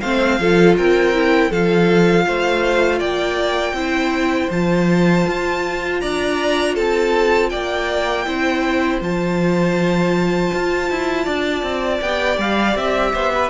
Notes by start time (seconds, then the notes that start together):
0.00 A3 C4 C5 F5
0.39 F3 F4 A4
0.77 C4 A#4 G5
1.14 E4
1.50 F3 F4 A4 F5
2.26 A3 C5
2.99 A#3 D5 G5
3.73 C4 E4 C5
4.50 F3 F4 A5
5.27 F4
6.00 D4 D5 A#5
6.75 C4 A4 A5
7.49 A#3 D5 G5
8.26 C4 E4 C5
9.01 F3 F4 A5
10.54 F4
10.90 E4
11.25 D4 D5
11.62 C4
12.01 B3 G4 G5
12.38 G3 F5
12.75 C4 E5
13.13 B3 C5
13.35 B4